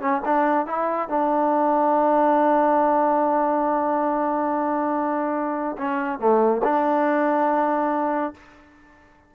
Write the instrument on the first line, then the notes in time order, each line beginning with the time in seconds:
trombone
0.00 C#4
0.25 D4
0.66 E4
1.09 D4
5.77 C#4
6.19 A3
6.63 D4